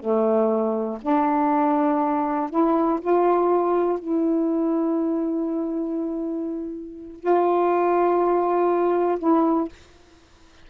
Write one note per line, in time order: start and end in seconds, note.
0.00 0.99 A3
1.02 2.50 D4
2.50 3.00 E4
3.01 3.99 F4
3.99 7.20 E4
7.20 9.19 F4
9.19 9.69 E4